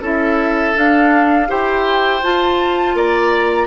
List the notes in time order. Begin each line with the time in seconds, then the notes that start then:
0.00 C#4 E4 A4 E5
0.74 D4 F5
1.47 E4 G4 C5 G5
2.22 F4 A5
2.94 A#3 D5 A#5